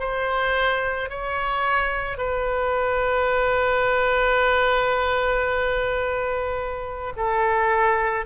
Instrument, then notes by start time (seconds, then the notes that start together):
oboe
0.00 C5
1.10 C#5
2.18 B4
7.17 A4